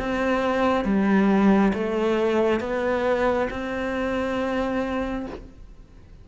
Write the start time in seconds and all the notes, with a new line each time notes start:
0.00 C4
0.85 G3
1.74 A3
2.61 B3
3.51 C4